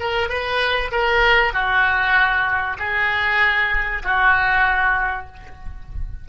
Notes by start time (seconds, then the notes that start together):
0.00 A#4
0.29 B4
0.92 A#4
1.54 F#4
2.79 G#4
4.03 F#4